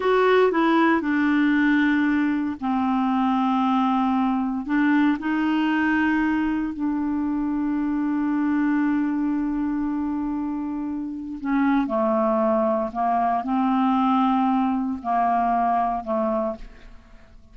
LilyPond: \new Staff \with { instrumentName = "clarinet" } { \time 4/4 \tempo 4 = 116 fis'4 e'4 d'2~ | d'4 c'2.~ | c'4 d'4 dis'2~ | dis'4 d'2.~ |
d'1~ | d'2 cis'4 a4~ | a4 ais4 c'2~ | c'4 ais2 a4 | }